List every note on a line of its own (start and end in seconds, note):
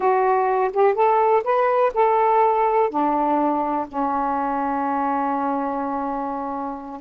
0.00 0.71 F#4
0.73 0.94 G4
0.94 1.43 A4
1.44 1.92 B4
1.94 2.90 A4
2.90 3.86 D4
3.88 7.00 C#4